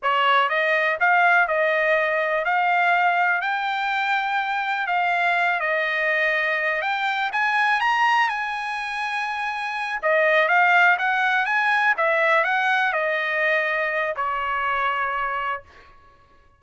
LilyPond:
\new Staff \with { instrumentName = "trumpet" } { \time 4/4 \tempo 4 = 123 cis''4 dis''4 f''4 dis''4~ | dis''4 f''2 g''4~ | g''2 f''4. dis''8~ | dis''2 g''4 gis''4 |
ais''4 gis''2.~ | gis''8 dis''4 f''4 fis''4 gis''8~ | gis''8 e''4 fis''4 dis''4.~ | dis''4 cis''2. | }